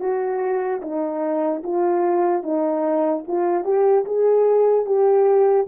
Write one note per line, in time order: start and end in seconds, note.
0.00 0.81 F#4
0.82 1.63 D#4
1.64 2.43 F4
2.43 3.24 D#4
3.27 3.64 F4
3.64 4.05 G4
4.05 4.86 G#4
4.86 5.67 G4